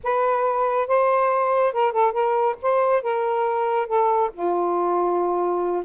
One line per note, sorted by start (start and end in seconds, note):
0.03 0.87 B4
0.87 1.72 C5
1.72 1.92 A#4
1.92 2.12 A4
2.12 2.55 A#4
2.62 3.02 C5
3.02 3.87 A#4
3.87 4.30 A4
4.33 5.84 F4